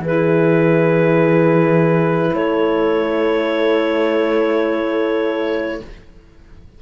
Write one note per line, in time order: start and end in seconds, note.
0.00 2.31 E3
0.00 5.82 E4
0.00 2.34 G#4
0.00 2.36 B4
2.34 5.81 A3
2.34 5.81 A4
2.34 5.82 C#5